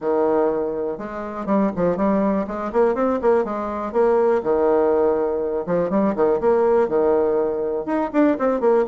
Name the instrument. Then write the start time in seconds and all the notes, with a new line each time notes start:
bassoon
0.00 D#3
0.97 G#3
1.46 G3
1.75 F3
1.96 G3
2.47 G#3
2.72 A#3
2.94 C4
3.21 A#3
3.44 G#3
3.92 A#3
4.43 D#3
5.66 F3
5.89 G3
6.15 D#3
6.40 A#3
6.88 D#3
7.85 D#4
8.12 D4
8.39 C4
8.60 A#3